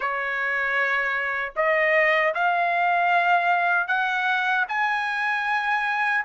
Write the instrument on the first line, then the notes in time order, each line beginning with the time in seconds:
trumpet
0.00 C#5
1.56 D#5
2.34 F5
3.87 F#5
4.68 G#5